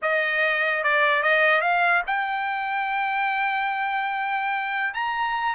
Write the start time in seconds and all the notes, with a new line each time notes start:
0.02 D#5
0.83 D5
1.22 D#5
1.61 F5
2.07 G5
4.94 A#5